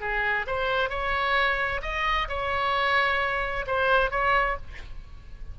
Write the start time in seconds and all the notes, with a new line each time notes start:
0.00 G#4
0.47 C5
0.90 C#5
1.82 D#5
2.28 C#5
3.67 C5
4.11 C#5